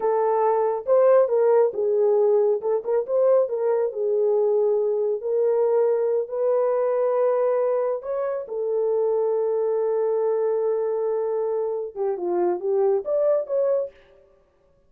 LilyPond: \new Staff \with { instrumentName = "horn" } { \time 4/4 \tempo 4 = 138 a'2 c''4 ais'4 | gis'2 a'8 ais'8 c''4 | ais'4 gis'2. | ais'2~ ais'8 b'4.~ |
b'2~ b'8 cis''4 a'8~ | a'1~ | a'2.~ a'8 g'8 | f'4 g'4 d''4 cis''4 | }